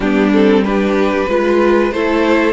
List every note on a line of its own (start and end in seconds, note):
0.00 1.26 G3
0.00 0.33 B3
0.00 0.63 D4
0.00 0.32 G4
0.32 0.65 C4
0.32 0.64 A4
0.64 1.28 D4
0.64 1.29 G4
0.64 1.91 B4
1.28 1.92 G#3
1.28 1.92 F4
1.28 1.93 B4
1.91 2.53 A3
1.91 2.53 E4
1.91 2.53 A4
1.91 2.53 C5